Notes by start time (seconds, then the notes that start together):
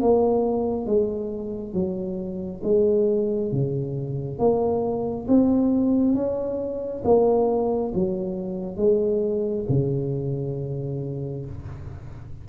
0.00 A#3
0.86 G#3
1.73 F#3
2.63 G#3
3.52 C#3
4.38 A#3
5.27 C4
6.14 C#4
7.04 A#3
7.94 F#3
8.76 G#3
9.69 C#3